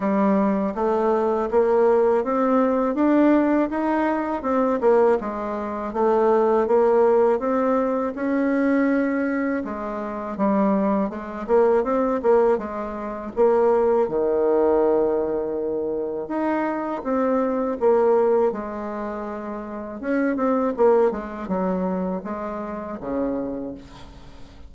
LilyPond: \new Staff \with { instrumentName = "bassoon" } { \time 4/4 \tempo 4 = 81 g4 a4 ais4 c'4 | d'4 dis'4 c'8 ais8 gis4 | a4 ais4 c'4 cis'4~ | cis'4 gis4 g4 gis8 ais8 |
c'8 ais8 gis4 ais4 dis4~ | dis2 dis'4 c'4 | ais4 gis2 cis'8 c'8 | ais8 gis8 fis4 gis4 cis4 | }